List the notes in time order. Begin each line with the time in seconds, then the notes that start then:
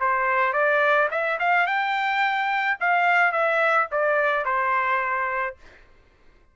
0.00 C5
0.54 D5
1.11 E5
1.40 F5
1.67 G5
2.81 F5
3.32 E5
3.92 D5
4.45 C5